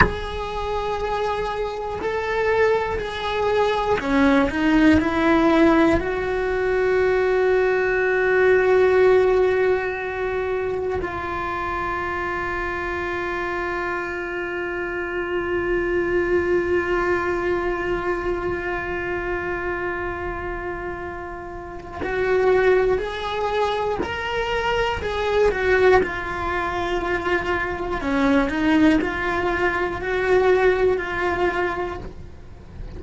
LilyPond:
\new Staff \with { instrumentName = "cello" } { \time 4/4 \tempo 4 = 60 gis'2 a'4 gis'4 | cis'8 dis'8 e'4 fis'2~ | fis'2. f'4~ | f'1~ |
f'1~ | f'2 fis'4 gis'4 | ais'4 gis'8 fis'8 f'2 | cis'8 dis'8 f'4 fis'4 f'4 | }